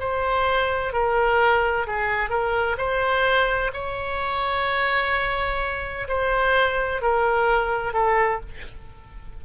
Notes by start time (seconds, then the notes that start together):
0.00 C5
0.93 A#4
1.87 G#4
2.30 A#4
2.78 C5
3.74 C#5
6.09 C5
7.02 A#4
7.94 A4